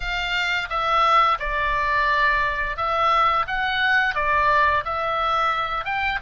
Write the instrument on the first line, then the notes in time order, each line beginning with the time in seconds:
oboe
0.00 F5
0.69 E5
1.39 D5
2.76 E5
3.47 F#5
4.14 D5
4.84 E5
5.84 G5